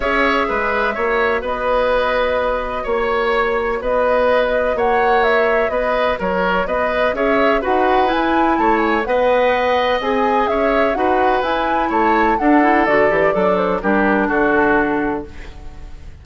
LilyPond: <<
  \new Staff \with { instrumentName = "flute" } { \time 4/4 \tempo 4 = 126 e''2. dis''4~ | dis''2 cis''2 | dis''2 fis''4 e''4 | dis''4 cis''4 dis''4 e''4 |
fis''4 gis''4 a''8 gis''8 fis''4~ | fis''4 gis''4 e''4 fis''4 | gis''4 a''4 fis''4 d''4~ | d''8 c''8 ais'4 a'2 | }
  \new Staff \with { instrumentName = "oboe" } { \time 4/4 cis''4 b'4 cis''4 b'4~ | b'2 cis''2 | b'2 cis''2 | b'4 ais'4 b'4 cis''4 |
b'2 cis''4 dis''4~ | dis''2 cis''4 b'4~ | b'4 cis''4 a'2 | d'4 g'4 fis'2 | }
  \new Staff \with { instrumentName = "clarinet" } { \time 4/4 gis'2 fis'2~ | fis'1~ | fis'1~ | fis'2. gis'4 |
fis'4 e'2 b'4~ | b'4 gis'2 fis'4 | e'2 d'8 e'8 fis'8 g'8 | a'4 d'2. | }
  \new Staff \with { instrumentName = "bassoon" } { \time 4/4 cis'4 gis4 ais4 b4~ | b2 ais2 | b2 ais2 | b4 fis4 b4 cis'4 |
dis'4 e'4 a4 b4~ | b4 c'4 cis'4 dis'4 | e'4 a4 d'4 d8 e8 | fis4 g4 d2 | }
>>